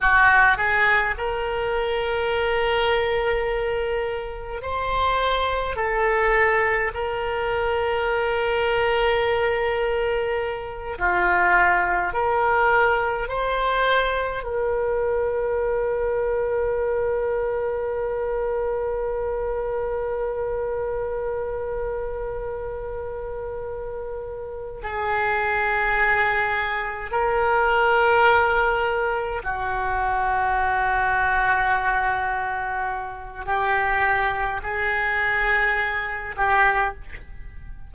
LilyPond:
\new Staff \with { instrumentName = "oboe" } { \time 4/4 \tempo 4 = 52 fis'8 gis'8 ais'2. | c''4 a'4 ais'2~ | ais'4. f'4 ais'4 c''8~ | c''8 ais'2.~ ais'8~ |
ais'1~ | ais'4. gis'2 ais'8~ | ais'4. fis'2~ fis'8~ | fis'4 g'4 gis'4. g'8 | }